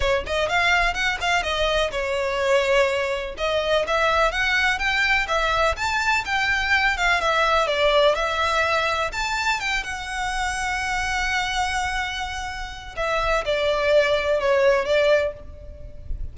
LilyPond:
\new Staff \with { instrumentName = "violin" } { \time 4/4 \tempo 4 = 125 cis''8 dis''8 f''4 fis''8 f''8 dis''4 | cis''2. dis''4 | e''4 fis''4 g''4 e''4 | a''4 g''4. f''8 e''4 |
d''4 e''2 a''4 | g''8 fis''2.~ fis''8~ | fis''2. e''4 | d''2 cis''4 d''4 | }